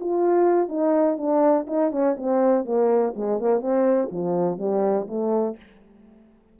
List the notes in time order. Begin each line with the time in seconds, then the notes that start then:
0.00 F4
0.69 D#4
1.18 D4
1.67 D#4
1.91 C#4
2.17 C4
2.65 A#3
3.16 G#3
3.39 A#3
3.60 C4
4.12 F3
4.58 G3
5.08 A3